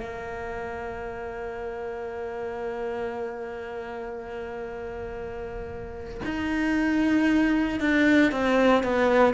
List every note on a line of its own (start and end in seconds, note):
0.00 6.21 A#3
6.25 7.80 D#4
7.80 8.31 D4
8.31 8.83 C4
8.83 9.34 B3